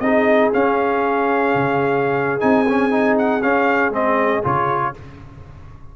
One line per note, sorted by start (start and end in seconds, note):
0.00 0.50 C4
0.00 0.53 D#4
0.00 4.95 G#4
0.00 0.51 D#5
0.53 2.40 C#4
0.53 1.55 C#4
0.53 2.40 F5
1.55 2.43 C#3
2.40 3.43 C4
2.40 2.65 D#4
2.40 3.16 G#5
2.69 2.91 C#4
2.91 3.41 D#4
3.18 3.42 F#5
3.42 3.90 C#4
3.42 3.92 C#4
3.42 3.92 F5
3.90 4.41 G#3
3.90 4.42 C4
3.90 4.45 D#5
4.43 4.96 C#3
4.43 4.94 F4
4.43 4.96 C#5